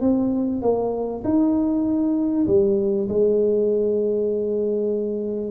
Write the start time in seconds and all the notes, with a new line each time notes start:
0.00 C4
0.62 A#3
1.24 D#4
2.47 G3
3.08 G#3